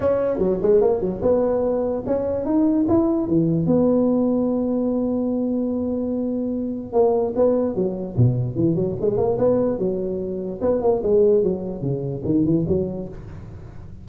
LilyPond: \new Staff \with { instrumentName = "tuba" } { \time 4/4 \tempo 4 = 147 cis'4 fis8 gis8 ais8 fis8 b4~ | b4 cis'4 dis'4 e'4 | e4 b2.~ | b1~ |
b4 ais4 b4 fis4 | b,4 e8 fis8 gis8 ais8 b4 | fis2 b8 ais8 gis4 | fis4 cis4 dis8 e8 fis4 | }